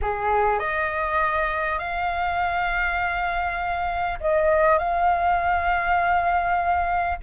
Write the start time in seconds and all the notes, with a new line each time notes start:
0.01 G#4
0.59 D#5
1.78 F5
4.20 D#5
4.78 F5